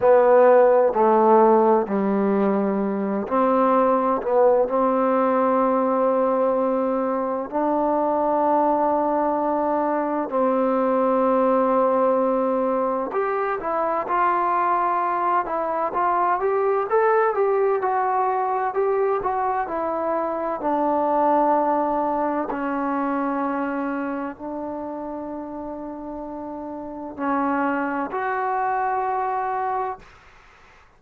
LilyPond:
\new Staff \with { instrumentName = "trombone" } { \time 4/4 \tempo 4 = 64 b4 a4 g4. c'8~ | c'8 b8 c'2. | d'2. c'4~ | c'2 g'8 e'8 f'4~ |
f'8 e'8 f'8 g'8 a'8 g'8 fis'4 | g'8 fis'8 e'4 d'2 | cis'2 d'2~ | d'4 cis'4 fis'2 | }